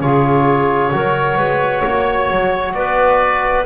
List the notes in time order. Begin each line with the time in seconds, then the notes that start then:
0.00 C#3 F4 G#4 C#5
0.92 F#3 F#4 A#4
1.37 G#3 B4
1.82 A#3 C#5
2.30 F#3
2.73 B3 B4 D5